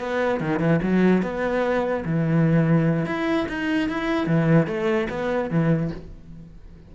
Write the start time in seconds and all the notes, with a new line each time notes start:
0.00 B3
0.40 D#3
0.60 E3
0.83 F#3
1.22 B3
2.05 E3
3.06 E4
3.49 D#4
3.89 E4
4.27 E3
4.67 A3
5.10 B3
5.50 E3